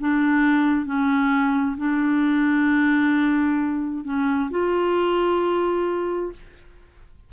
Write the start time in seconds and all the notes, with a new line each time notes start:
0.00 D4
0.86 C#4
1.77 D4
4.04 C#4
4.50 F4